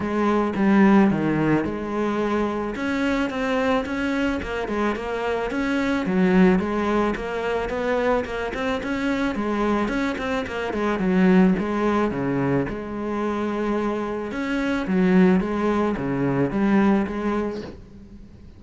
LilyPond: \new Staff \with { instrumentName = "cello" } { \time 4/4 \tempo 4 = 109 gis4 g4 dis4 gis4~ | gis4 cis'4 c'4 cis'4 | ais8 gis8 ais4 cis'4 fis4 | gis4 ais4 b4 ais8 c'8 |
cis'4 gis4 cis'8 c'8 ais8 gis8 | fis4 gis4 cis4 gis4~ | gis2 cis'4 fis4 | gis4 cis4 g4 gis4 | }